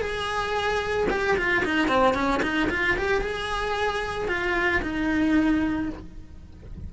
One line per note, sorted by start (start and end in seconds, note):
0.00 1.07 G#4
1.10 1.37 G4
1.37 1.64 F4
1.65 1.88 D#4
1.88 2.14 C4
2.14 2.41 C#4
2.43 2.69 D#4
2.70 2.97 F4
2.97 3.21 G4
3.21 4.28 G#4
4.28 4.82 F4
4.82 5.89 D#4